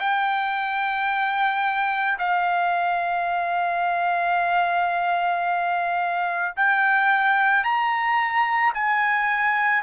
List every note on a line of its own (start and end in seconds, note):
0.00 2.18 G5
2.19 6.55 F5
6.56 7.64 G5
7.64 8.73 A#5
8.74 9.83 G#5